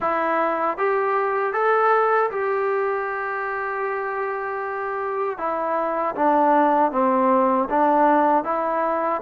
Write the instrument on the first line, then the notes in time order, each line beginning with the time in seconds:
trombone
0.00 E4
0.77 G4
1.53 A4
2.30 G4
5.37 E4
6.15 D4
6.91 C4
7.69 D4
8.44 E4